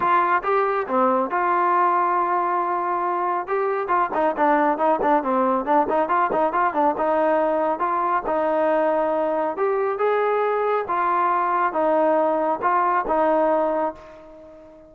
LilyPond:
\new Staff \with { instrumentName = "trombone" } { \time 4/4 \tempo 4 = 138 f'4 g'4 c'4 f'4~ | f'1 | g'4 f'8 dis'8 d'4 dis'8 d'8 | c'4 d'8 dis'8 f'8 dis'8 f'8 d'8 |
dis'2 f'4 dis'4~ | dis'2 g'4 gis'4~ | gis'4 f'2 dis'4~ | dis'4 f'4 dis'2 | }